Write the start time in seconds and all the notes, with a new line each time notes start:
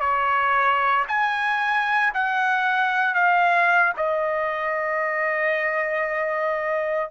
0.00 C#5
1.08 G#5
2.14 F#5
3.14 F5
3.97 D#5